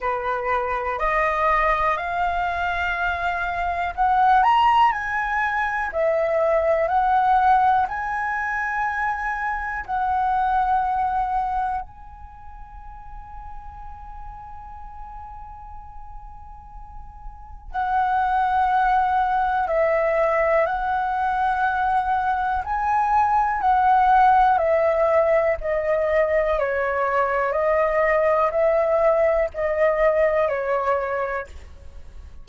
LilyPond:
\new Staff \with { instrumentName = "flute" } { \time 4/4 \tempo 4 = 61 b'4 dis''4 f''2 | fis''8 ais''8 gis''4 e''4 fis''4 | gis''2 fis''2 | gis''1~ |
gis''2 fis''2 | e''4 fis''2 gis''4 | fis''4 e''4 dis''4 cis''4 | dis''4 e''4 dis''4 cis''4 | }